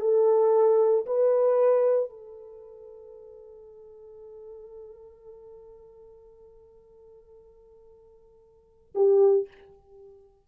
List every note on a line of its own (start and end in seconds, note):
0.00 1.05 A4
1.06 2.09 B4
2.09 8.94 A4
8.95 9.47 G4